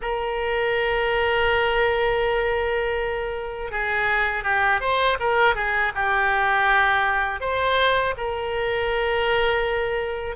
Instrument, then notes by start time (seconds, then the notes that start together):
oboe
0.01 A#4
3.71 G#4
4.43 G4
4.80 C5
5.19 A#4
5.55 G#4
5.95 G4
7.40 C5
8.17 A#4